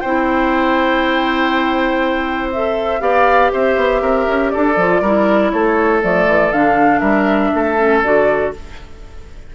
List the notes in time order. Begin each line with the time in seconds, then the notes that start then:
0.00 C4 E4 C5 G5
2.53 A4 E5
3.01 B3 G4 D5 F5
3.53 C4 C5 E5
3.77 B3
4.02 C4 A#4
4.28 C#4
4.51 A4 D5
4.57 D4
4.77 F3 F4
5.01 G3 E4 A#4
5.51 A3 A4 C#5
6.03 F3 A3 D5
6.28 E3
6.52 D3 D4 F5
7.00 G3 A#4 E5
7.54 A3 A4
7.78 C#4
8.04 D3 F#4 D5